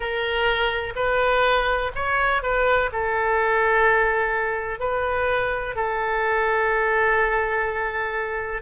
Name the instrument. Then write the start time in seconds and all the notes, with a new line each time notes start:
oboe
0.00 A#4
0.95 B4
1.95 C#5
2.42 B4
2.92 A4
4.79 B4
5.75 A4